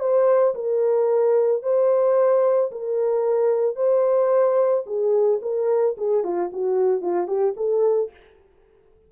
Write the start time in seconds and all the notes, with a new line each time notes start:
0.00 C5
0.55 A#4
1.63 C5
2.71 A#4
3.76 C5
4.86 G#4
5.42 A#4
5.97 G#4
6.24 F4
6.52 F#4
7.01 F4
7.27 G4
7.57 A4